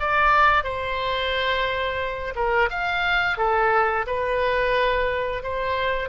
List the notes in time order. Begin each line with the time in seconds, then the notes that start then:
0.00 D5
0.64 C5
2.36 A#4
2.71 F5
3.38 A4
4.07 B4
5.43 C5